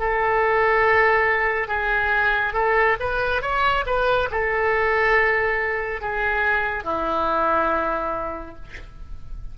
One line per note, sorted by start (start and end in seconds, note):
0.00 1.68 A4
1.68 2.54 G#4
2.54 2.97 A4
3.00 3.42 B4
3.42 3.85 C#5
3.86 4.29 B4
4.32 6.02 A4
6.02 6.85 G#4
6.85 8.56 E4